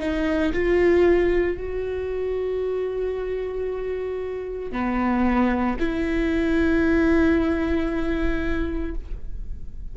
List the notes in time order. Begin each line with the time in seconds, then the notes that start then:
0.00 D#4
0.53 F4
1.57 F#4
4.72 B3
5.79 E4